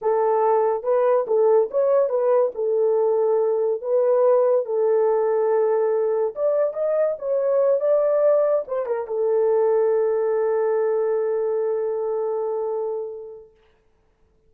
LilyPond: \new Staff \with { instrumentName = "horn" } { \time 4/4 \tempo 4 = 142 a'2 b'4 a'4 | cis''4 b'4 a'2~ | a'4 b'2 a'4~ | a'2. d''4 |
dis''4 cis''4. d''4.~ | d''8 c''8 ais'8 a'2~ a'8~ | a'1~ | a'1 | }